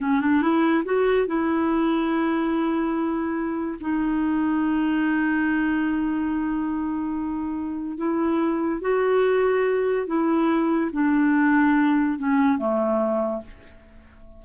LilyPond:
\new Staff \with { instrumentName = "clarinet" } { \time 4/4 \tempo 4 = 143 cis'8 d'8 e'4 fis'4 e'4~ | e'1~ | e'4 dis'2.~ | dis'1~ |
dis'2. e'4~ | e'4 fis'2. | e'2 d'2~ | d'4 cis'4 a2 | }